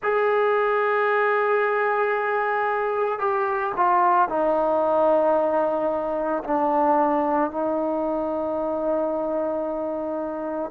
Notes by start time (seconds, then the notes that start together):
0.02 G#4
3.19 G4
3.76 F4
4.29 D#4
6.44 D4
7.50 D#4